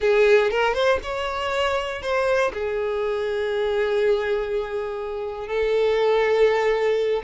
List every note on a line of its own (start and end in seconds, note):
0.00 0.50 G#4
0.50 0.74 A#4
0.74 0.99 C5
1.02 2.02 C#5
2.02 2.52 C5
2.53 5.47 G#4
5.47 7.22 A4